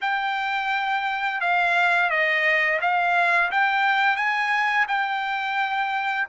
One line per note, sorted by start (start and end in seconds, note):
0.01 1.40 G5
1.40 2.10 F5
2.10 2.79 D#5
2.81 3.50 F5
3.51 4.16 G5
4.16 4.86 G#5
4.88 6.27 G5